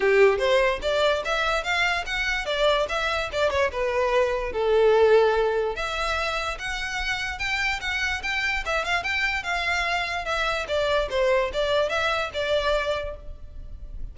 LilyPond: \new Staff \with { instrumentName = "violin" } { \time 4/4 \tempo 4 = 146 g'4 c''4 d''4 e''4 | f''4 fis''4 d''4 e''4 | d''8 cis''8 b'2 a'4~ | a'2 e''2 |
fis''2 g''4 fis''4 | g''4 e''8 f''8 g''4 f''4~ | f''4 e''4 d''4 c''4 | d''4 e''4 d''2 | }